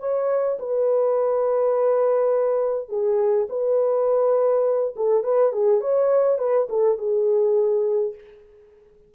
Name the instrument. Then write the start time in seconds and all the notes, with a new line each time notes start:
horn
0.00 C#5
0.59 B4
2.89 G#4
3.49 B4
4.96 A4
5.24 B4
5.53 G#4
5.81 C#5
6.39 B4
6.69 A4
6.98 G#4